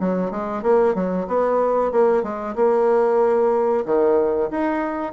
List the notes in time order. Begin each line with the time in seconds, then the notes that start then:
0.00 F#3
0.31 G#3
0.63 A#3
0.95 F#3
1.28 B3
1.92 A#3
2.23 G#3
2.56 A#3
3.86 D#3
4.51 D#4